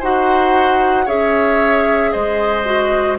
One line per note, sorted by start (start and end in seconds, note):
0.00 1.08 D#4
0.00 1.07 F#4
0.00 1.05 C5
0.00 1.08 F#5
1.05 2.13 C#4
1.05 2.65 G#4
1.05 2.11 C#5
1.05 2.12 E5
2.12 3.20 G#3
2.12 3.18 C5
2.12 3.18 D#5
2.65 3.18 F#4